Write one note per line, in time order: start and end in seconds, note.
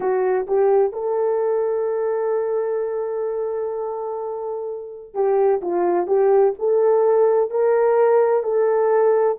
0.00 0.46 F#4
0.47 0.92 G4
0.92 5.13 A4
5.13 5.60 G4
5.61 6.06 F4
6.06 6.53 G4
6.59 7.50 A4
7.50 8.43 A#4
8.43 9.37 A4